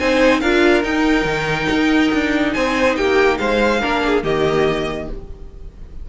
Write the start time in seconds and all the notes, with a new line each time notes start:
0.00 C4 D#4 C5 G#5
0.41 D4 F4 A#4 F5
0.84 D#4 G5
1.25 D#3
1.71 D#4
2.13 D4
2.53 C4 C5 G#5
2.97 A#3 G4 G5
3.38 G#3 C5 F5
3.81 A#3 D4 A#4
4.06 G#4
4.24 D#3 A#3 G4 D#5